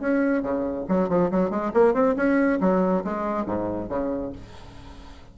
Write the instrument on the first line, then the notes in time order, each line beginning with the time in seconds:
bassoon
0.00 C#4
0.43 C#3
0.88 F#3
1.09 F3
1.31 F#3
1.50 G#3
1.74 A#3
1.94 C4
2.16 C#4
2.61 F#3
3.04 G#3
3.46 G#2
3.89 C#3